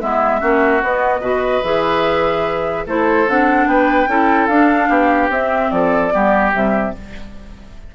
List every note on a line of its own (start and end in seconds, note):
0.00 0.42 G#3
0.00 0.40 B3
0.00 0.40 E4
0.00 0.82 E5
0.40 0.82 A#3
0.40 0.81 C#4
0.40 1.21 F#4
0.82 1.20 B3
0.82 1.21 B3
0.82 1.63 D#5
1.20 1.61 B2
1.20 1.62 F#4
1.20 2.84 B4
1.63 2.86 E3
1.63 2.86 G#4
1.63 2.85 E5
2.86 3.27 A3
2.86 3.28 E4
2.86 3.68 A4
2.86 3.29 C5
3.28 3.66 C4
3.28 4.09 D4
3.28 3.68 F#5
3.66 4.07 B3
3.66 4.09 B4
3.66 4.47 G5
4.07 4.48 C#4
4.07 4.49 E4
4.07 4.89 A4
4.47 4.88 D4
4.47 5.32 D4
4.47 5.28 F5
4.89 5.29 B3
4.89 5.70 G4
5.29 5.70 C4
5.29 6.11 C4
5.29 5.71 E5
5.71 6.12 F3
5.71 6.13 A4
5.71 6.52 D5
6.11 6.54 G3
6.11 6.52 B3
6.11 6.95 G4
6.52 6.95 C3
6.52 6.93 G3
6.52 6.95 E5